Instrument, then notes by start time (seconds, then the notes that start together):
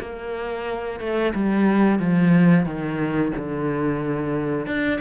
cello
0.00 A#3
1.00 A3
1.34 G3
1.99 F3
2.65 D#3
3.36 D3
4.66 D4